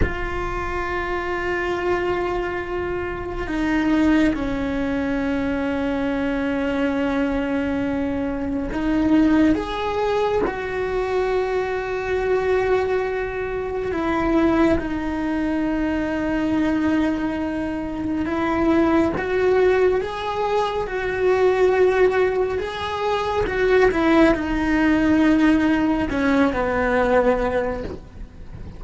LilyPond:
\new Staff \with { instrumentName = "cello" } { \time 4/4 \tempo 4 = 69 f'1 | dis'4 cis'2.~ | cis'2 dis'4 gis'4 | fis'1 |
e'4 dis'2.~ | dis'4 e'4 fis'4 gis'4 | fis'2 gis'4 fis'8 e'8 | dis'2 cis'8 b4. | }